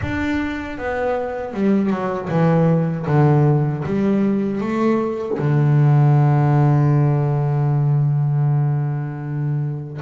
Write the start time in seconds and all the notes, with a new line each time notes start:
0.02 D4
0.77 B3
1.53 G3
1.90 F#3
2.29 E3
3.06 D3
3.85 G3
4.60 A3
5.38 D3